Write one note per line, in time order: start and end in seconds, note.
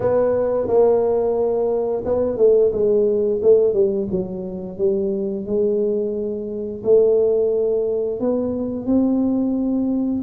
0.00 0.67 B3
0.67 2.03 A#3
2.04 2.37 B3
2.37 2.71 A3
2.72 3.40 G#3
3.42 3.73 A3
3.73 4.07 G3
4.11 4.77 F#3
4.77 5.45 G3
5.45 6.82 G#3
6.83 8.20 A3
8.20 8.85 B3
8.85 10.22 C4